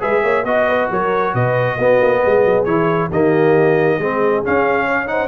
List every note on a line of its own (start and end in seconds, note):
0.00 0.23 G#3
0.00 0.44 G#4
0.00 0.23 B4
0.00 0.45 E5
0.23 0.44 A#3
0.23 0.45 C#5
0.44 0.88 B3
0.44 1.79 F#4
0.44 0.89 D#5
0.44 0.69 D#5
0.69 0.91 B4
0.90 1.34 F#3
0.90 1.33 A#4
0.90 1.35 C#5
1.33 1.77 B2
1.33 1.76 B4
1.33 2.65 D#5
1.76 1.99 B3
1.76 2.67 B3
1.76 2.20 F#4
2.01 2.23 A#3
2.23 2.45 G#3
2.23 3.09 G#4
2.45 2.66 F#3
2.65 3.10 E3
2.65 3.11 E4
2.65 3.09 C#5
3.09 3.99 D#3
3.09 4.01 A#3
3.09 3.98 G4
3.09 4.45 D#5
3.99 4.43 G#3
3.99 4.44 C4
3.99 4.86 G#4
4.44 5.07 C#4
4.44 5.28 C#4
4.44 5.08 F5
4.86 5.08 C#5
5.07 5.28 D#4
5.07 5.28 C5
5.07 5.28 F#5